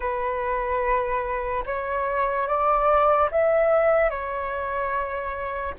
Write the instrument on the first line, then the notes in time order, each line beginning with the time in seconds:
flute
0.00 B4
1.66 C#5
2.47 D5
3.31 E5
4.10 C#5